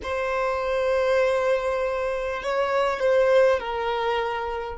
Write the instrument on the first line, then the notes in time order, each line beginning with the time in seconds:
violin
0.02 C5
2.42 C#5
2.99 C5
3.59 A#4